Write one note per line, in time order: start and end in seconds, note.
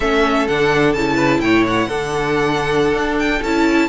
0.00 0.47 A3
0.00 0.48 C#4
0.00 1.14 A4
0.00 0.47 E5
0.47 0.95 D3
0.47 0.96 D4
0.47 0.93 F#5
0.93 1.39 C#3
0.93 1.89 E4
0.93 1.40 A5
1.14 1.38 B4
1.39 1.86 A2
1.39 1.88 C#5
1.39 1.64 G5
1.66 3.18 F#5
1.88 2.93 D3
1.88 3.43 D4
1.88 3.88 A4
2.93 3.41 D4
3.18 3.42 G5
3.42 3.88 C#4
3.42 3.88 E4
3.42 3.88 A5